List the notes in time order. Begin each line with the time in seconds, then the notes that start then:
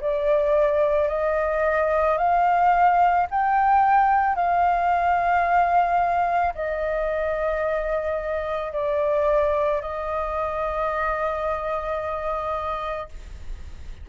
0.00 D5
1.08 D#5
2.18 F5
3.30 G5
4.35 F5
6.55 D#5
8.72 D5
9.81 D#5